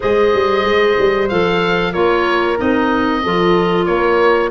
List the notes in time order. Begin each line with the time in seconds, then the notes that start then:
0.00 G#3 G#4 C5 D#5
0.34 G3
0.64 G#3
0.98 G3
1.28 F3 A4 F5
1.92 A#3 F4 A#4 C#5
2.56 C4 D#4 D#5
3.23 F3 F4 A4
3.85 A#3 A#4 C#5